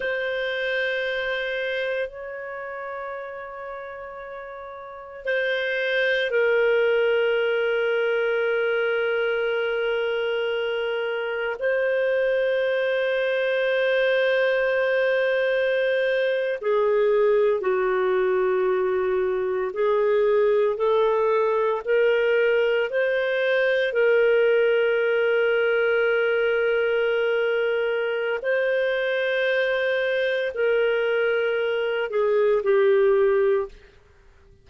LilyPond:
\new Staff \with { instrumentName = "clarinet" } { \time 4/4 \tempo 4 = 57 c''2 cis''2~ | cis''4 c''4 ais'2~ | ais'2. c''4~ | c''2.~ c''8. gis'16~ |
gis'8. fis'2 gis'4 a'16~ | a'8. ais'4 c''4 ais'4~ ais'16~ | ais'2. c''4~ | c''4 ais'4. gis'8 g'4 | }